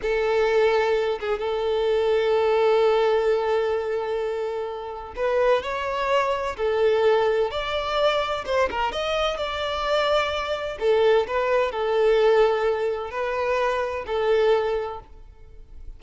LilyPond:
\new Staff \with { instrumentName = "violin" } { \time 4/4 \tempo 4 = 128 a'2~ a'8 gis'8 a'4~ | a'1~ | a'2. b'4 | cis''2 a'2 |
d''2 c''8 ais'8 dis''4 | d''2. a'4 | b'4 a'2. | b'2 a'2 | }